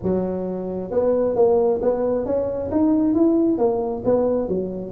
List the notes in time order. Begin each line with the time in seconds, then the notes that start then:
0.02 F#3
0.91 B3
1.35 A#3
1.82 B3
2.25 C#4
2.71 D#4
3.14 E4
3.58 A#3
4.04 B3
4.48 F#3